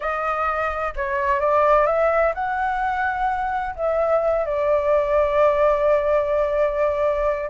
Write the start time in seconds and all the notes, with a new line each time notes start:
0.00 D#5
0.96 C#5
1.40 D5
1.86 E5
2.34 F#5
3.75 E5
4.45 D5